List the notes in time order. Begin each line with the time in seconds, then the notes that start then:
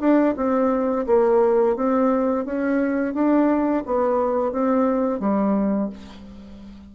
0.00 D4
0.36 C4
1.07 A#3
1.76 C4
2.45 C#4
3.14 D4
3.86 B3
4.52 C4
5.20 G3